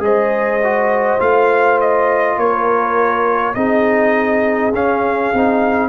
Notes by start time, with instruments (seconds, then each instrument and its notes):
0.00 tuba G#3, trombone G#4, horn C5, trumpet D#5
0.64 trombone F#4
1.20 tuba A3, trombone F4, trumpet F5
1.81 trumpet D#5
2.37 tuba A#3, horn A#4, trumpet C#5
3.55 tuba C4, trombone D#4, horn G#4, trumpet D#5
4.74 tuba C#4, trombone C#4, trumpet F5
5.34 tuba C4, trombone D#4